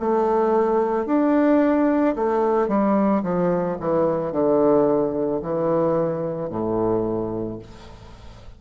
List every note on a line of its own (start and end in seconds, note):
0.00 1.06 A3
1.06 2.15 D4
2.15 2.68 A3
2.68 3.22 G3
3.23 3.77 F3
3.80 4.32 E3
4.32 5.41 D3
5.42 6.50 E3
6.50 7.59 A2